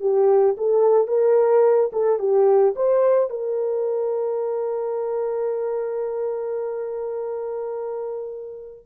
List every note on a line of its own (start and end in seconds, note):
0.00 0.56 G4
0.57 1.07 A4
1.07 1.91 A#4
1.92 2.19 A4
2.19 2.74 G4
2.76 3.30 C5
3.30 8.85 A#4